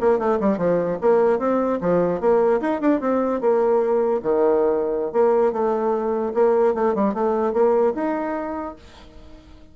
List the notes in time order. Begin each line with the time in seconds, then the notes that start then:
0.00 A#3
0.18 A3
0.40 G3
0.57 F3
1.01 A#3
1.39 C4
1.81 F3
2.20 A#3
2.61 D#4
2.80 D4
3.00 C4
3.41 A#3
4.22 D#3
5.12 A#3
5.52 A3
6.34 A#3
6.74 A3
6.95 G3
7.14 A3
7.53 A#3
7.95 D#4